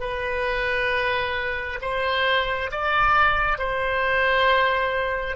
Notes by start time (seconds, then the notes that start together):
0.00 B4
1.81 C5
2.71 D5
3.58 C5